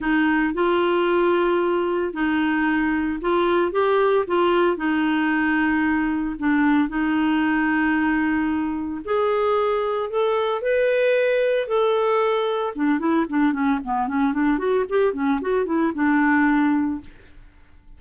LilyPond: \new Staff \with { instrumentName = "clarinet" } { \time 4/4 \tempo 4 = 113 dis'4 f'2. | dis'2 f'4 g'4 | f'4 dis'2. | d'4 dis'2.~ |
dis'4 gis'2 a'4 | b'2 a'2 | d'8 e'8 d'8 cis'8 b8 cis'8 d'8 fis'8 | g'8 cis'8 fis'8 e'8 d'2 | }